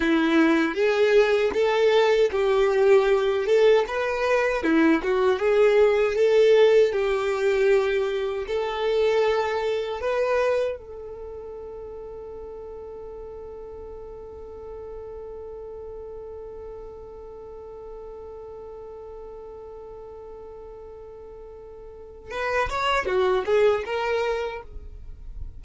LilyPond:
\new Staff \with { instrumentName = "violin" } { \time 4/4 \tempo 4 = 78 e'4 gis'4 a'4 g'4~ | g'8 a'8 b'4 e'8 fis'8 gis'4 | a'4 g'2 a'4~ | a'4 b'4 a'2~ |
a'1~ | a'1~ | a'1~ | a'4 b'8 cis''8 fis'8 gis'8 ais'4 | }